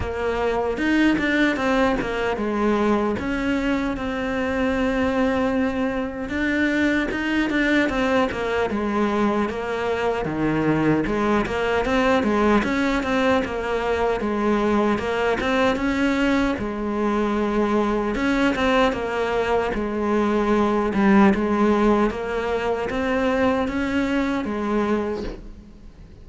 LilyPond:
\new Staff \with { instrumentName = "cello" } { \time 4/4 \tempo 4 = 76 ais4 dis'8 d'8 c'8 ais8 gis4 | cis'4 c'2. | d'4 dis'8 d'8 c'8 ais8 gis4 | ais4 dis4 gis8 ais8 c'8 gis8 |
cis'8 c'8 ais4 gis4 ais8 c'8 | cis'4 gis2 cis'8 c'8 | ais4 gis4. g8 gis4 | ais4 c'4 cis'4 gis4 | }